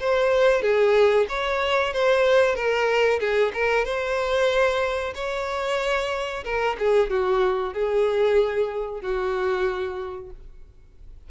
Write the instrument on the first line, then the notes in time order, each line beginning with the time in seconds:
violin
0.00 C5
0.62 G#4
1.29 C#5
1.94 C5
2.55 A#4
3.20 G#4
3.54 A#4
3.85 C5
5.15 C#5
6.44 A#4
6.79 G#4
7.10 F#4
7.74 G#4
9.01 F#4